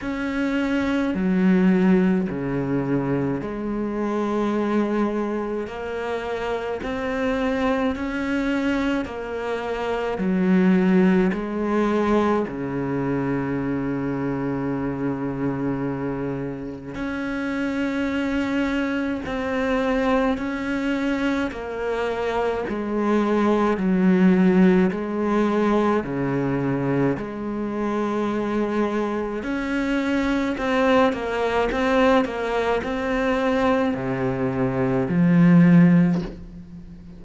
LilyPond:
\new Staff \with { instrumentName = "cello" } { \time 4/4 \tempo 4 = 53 cis'4 fis4 cis4 gis4~ | gis4 ais4 c'4 cis'4 | ais4 fis4 gis4 cis4~ | cis2. cis'4~ |
cis'4 c'4 cis'4 ais4 | gis4 fis4 gis4 cis4 | gis2 cis'4 c'8 ais8 | c'8 ais8 c'4 c4 f4 | }